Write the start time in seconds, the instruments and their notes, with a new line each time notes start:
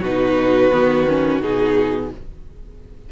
0.00 cello B2, viola D#4, violin F#4 B4
0.72 cello D#3, viola B3
1.07 viola C#4
1.41 cello B2, viola D#4, violin G#4